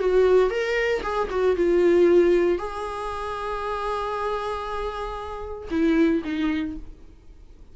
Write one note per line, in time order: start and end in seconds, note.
0.00 0.51 F#4
0.51 1.03 A#4
1.03 1.29 G#4
1.31 1.57 F#4
1.57 2.59 F4
2.59 5.69 G#4
5.71 6.23 E4
6.25 6.77 D#4